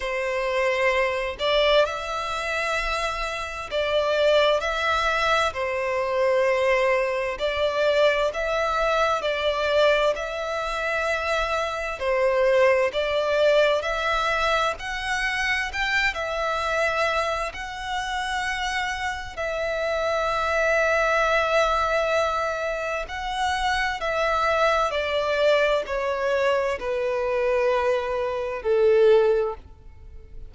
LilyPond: \new Staff \with { instrumentName = "violin" } { \time 4/4 \tempo 4 = 65 c''4. d''8 e''2 | d''4 e''4 c''2 | d''4 e''4 d''4 e''4~ | e''4 c''4 d''4 e''4 |
fis''4 g''8 e''4. fis''4~ | fis''4 e''2.~ | e''4 fis''4 e''4 d''4 | cis''4 b'2 a'4 | }